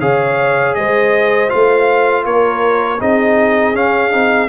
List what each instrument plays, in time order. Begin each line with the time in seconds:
0.00 tuba C#3, trombone G#4, horn C#5, trumpet F5
0.74 tuba G#3, horn C5, trumpet D#5
1.48 tuba A3, trombone F4, trumpet F5
2.25 tuba A#3, horn A#4, trumpet C#5
2.99 tuba C4, trombone D#4, horn G#4, trumpet D#5
3.74 trombone C#4, tuba C#4, trumpet F5
4.11 tuba C4, trombone D#4